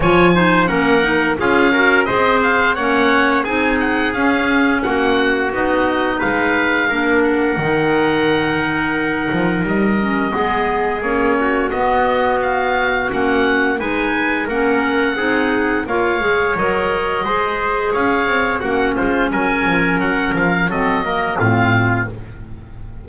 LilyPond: <<
  \new Staff \with { instrumentName = "oboe" } { \time 4/4 \tempo 4 = 87 gis''4 fis''4 f''4 dis''8 f''8 | fis''4 gis''8 fis''8 f''4 fis''4 | dis''4 f''4. fis''4.~ | fis''2 dis''2 |
cis''4 dis''4 f''4 fis''4 | gis''4 fis''2 f''4 | dis''2 f''4 fis''8 c''8 | gis''4 fis''8 f''8 dis''4 f''4 | }
  \new Staff \with { instrumentName = "trumpet" } { \time 4/4 cis''8 c''8 ais'4 gis'8 ais'8 c''4 | cis''4 gis'2 fis'4~ | fis'4 b'4 ais'2~ | ais'2. gis'4~ |
gis'8 fis'2.~ fis'8 | b'4 ais'4 gis'4 cis''4~ | cis''4 c''4 cis''4 fis'8 f'8 | ais'2 a'8 ais'8 f'4 | }
  \new Staff \with { instrumentName = "clarinet" } { \time 4/4 f'8 dis'8 cis'8 dis'8 f'8 fis'8 gis'4 | cis'4 dis'4 cis'2 | dis'2 d'4 dis'4~ | dis'2~ dis'8 cis'8 b4 |
cis'4 b2 cis'4 | dis'4 cis'4 dis'4 f'8 gis'8 | ais'4 gis'2 cis'4~ | cis'2 c'8 ais8 c'4 | }
  \new Staff \with { instrumentName = "double bass" } { \time 4/4 f4 ais4 cis'4 c'4 | ais4 c'4 cis'4 ais4 | b4 gis4 ais4 dis4~ | dis4. f8 g4 gis4 |
ais4 b2 ais4 | gis4 ais4 c'4 ais8 gis8 | fis4 gis4 cis'8 c'8 ais8 gis8 | fis8 f8 fis8 f8 fis4 a,4 | }
>>